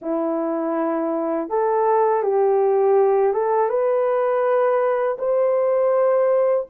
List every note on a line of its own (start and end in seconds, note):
0.01 1.49 E4
1.49 2.22 A4
2.22 3.33 G4
3.33 3.69 A4
3.69 5.17 B4
5.18 6.66 C5